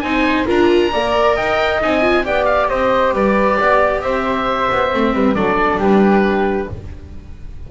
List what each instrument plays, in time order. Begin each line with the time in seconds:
0.00 double bass C4, viola D#4, flute C5, oboe G#5
0.46 double bass D4, viola F4, flute A#4, oboe A#5
0.92 double bass A#3, viola A#4, flute D5
1.34 double bass D#4, flute D#5, oboe G5
1.81 double bass C4, viola D#4, oboe G#5
2.01 viola F4
2.24 double bass B3, viola G4, flute D5, oboe G5
2.45 oboe F5
2.69 double bass C4, flute C5, oboe D#5
3.13 double bass G3, flute B4, oboe D5
3.57 double bass B3, flute D5
4.01 double bass C4, flute C5, oboe E5
4.72 double bass B3
4.92 double bass A3, viola C4
5.13 double bass G3, flute B4
5.35 double bass F#3, viola D4, flute A4, oboe D5
5.78 double bass G3, flute G4, oboe B4